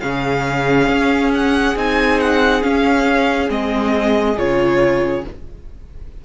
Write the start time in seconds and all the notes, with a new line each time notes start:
0.00 C#3 C#4 G#4 F5
0.88 C#4
1.34 F#5
1.75 C4 D#4 G#5
2.20 F#5
2.62 C#4 F5
3.49 G#3 C4 D#5
4.37 C#3 F4 C#5